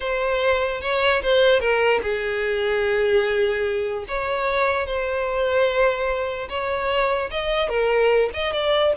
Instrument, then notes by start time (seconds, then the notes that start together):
violin
0.00 C5
0.81 C#5
1.22 C5
1.60 A#4
2.02 G#4
4.07 C#5
4.86 C5
6.49 C#5
7.30 D#5
7.68 A#4
8.33 D#5
8.52 D5